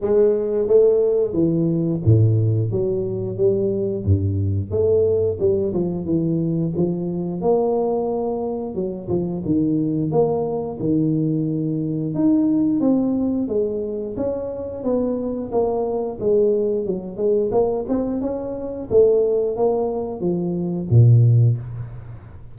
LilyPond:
\new Staff \with { instrumentName = "tuba" } { \time 4/4 \tempo 4 = 89 gis4 a4 e4 a,4 | fis4 g4 g,4 a4 | g8 f8 e4 f4 ais4~ | ais4 fis8 f8 dis4 ais4 |
dis2 dis'4 c'4 | gis4 cis'4 b4 ais4 | gis4 fis8 gis8 ais8 c'8 cis'4 | a4 ais4 f4 ais,4 | }